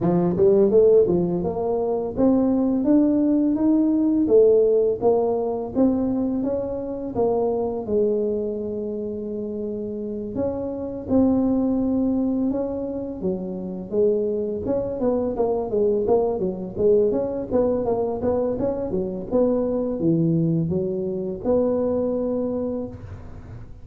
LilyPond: \new Staff \with { instrumentName = "tuba" } { \time 4/4 \tempo 4 = 84 f8 g8 a8 f8 ais4 c'4 | d'4 dis'4 a4 ais4 | c'4 cis'4 ais4 gis4~ | gis2~ gis8 cis'4 c'8~ |
c'4. cis'4 fis4 gis8~ | gis8 cis'8 b8 ais8 gis8 ais8 fis8 gis8 | cis'8 b8 ais8 b8 cis'8 fis8 b4 | e4 fis4 b2 | }